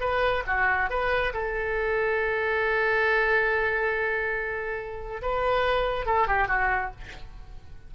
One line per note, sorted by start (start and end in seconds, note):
0.00 0.43 B4
0.46 0.89 F#4
0.90 1.33 B4
1.33 5.22 A4
5.22 6.06 B4
6.06 6.27 A4
6.27 6.48 G4
6.48 6.91 F#4